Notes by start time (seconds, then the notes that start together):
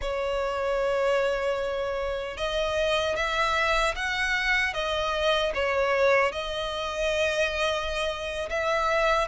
0.01 C#5
2.37 D#5
3.16 E5
3.95 F#5
4.73 D#5
5.54 C#5
6.32 D#5
8.49 E5